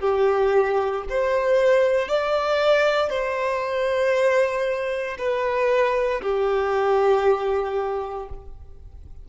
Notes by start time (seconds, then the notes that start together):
0.00 G4
1.09 C5
2.08 D5
3.09 C5
5.18 B4
6.22 G4